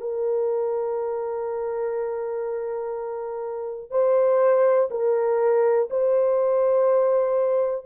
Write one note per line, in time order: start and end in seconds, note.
0.00 3.90 A#4
3.90 4.89 C5
4.90 5.89 A#4
5.90 7.86 C5